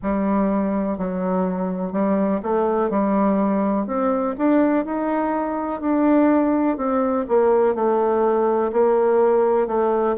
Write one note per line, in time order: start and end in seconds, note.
0.02 0.98 G3
0.98 1.92 F#3
1.92 2.40 G3
2.42 2.89 A3
2.89 3.86 G3
3.87 4.35 C4
4.38 4.85 D4
4.85 5.80 D#4
5.80 6.77 D4
6.77 7.25 C4
7.28 7.74 A#3
7.74 8.71 A3
8.72 9.67 A#3
9.67 10.15 A3